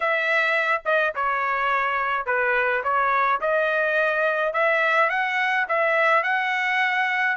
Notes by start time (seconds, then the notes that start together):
0.00 E5
0.85 D#5
1.15 C#5
2.26 B4
2.83 C#5
3.40 D#5
4.53 E5
5.09 F#5
5.68 E5
6.23 F#5